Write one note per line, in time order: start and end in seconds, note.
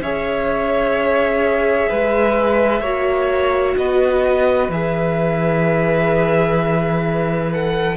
0.00 1.88 C#4
0.00 2.83 G#4
0.00 1.89 C#5
0.00 3.77 E5
1.89 2.81 G#3
1.89 2.81 B4
2.81 3.74 A#3
2.81 4.71 F#4
2.81 3.75 C#5
3.77 4.69 B3
3.77 7.97 B4
3.77 4.71 D#5
4.69 7.97 E3
4.69 7.53 G#4
4.69 7.52 E5
7.52 7.97 A4
7.52 7.97 F#5